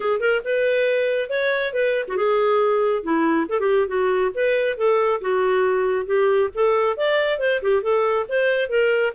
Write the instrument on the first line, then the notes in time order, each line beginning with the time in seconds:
clarinet
0.00 G#4
0.20 A#4
0.44 B4
1.29 C#5
1.73 B4
2.08 F#4
2.16 G#4
3.03 E4
3.49 A4
3.60 G4
3.87 F#4
4.34 B4
4.77 A4
5.21 F#4
6.06 G4
6.54 A4
6.96 D5
7.39 C5
7.61 G4
7.82 A4
8.28 C5
8.69 A#4